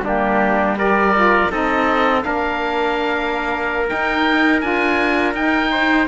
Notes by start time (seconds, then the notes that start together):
0.00 G3 A#3 D4
0.07 G4
0.78 G4 A#4 D5
1.15 F4
1.50 C4 D#4 A4 D#5
2.21 A#3 D4 A#4 F5
3.87 D#4 G5
3.93 D#4
4.61 D4 F4 G#5
5.34 D#4 G5
5.71 C5